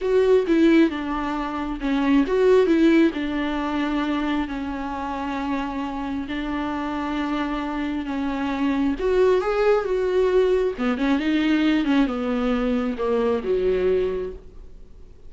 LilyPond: \new Staff \with { instrumentName = "viola" } { \time 4/4 \tempo 4 = 134 fis'4 e'4 d'2 | cis'4 fis'4 e'4 d'4~ | d'2 cis'2~ | cis'2 d'2~ |
d'2 cis'2 | fis'4 gis'4 fis'2 | b8 cis'8 dis'4. cis'8 b4~ | b4 ais4 fis2 | }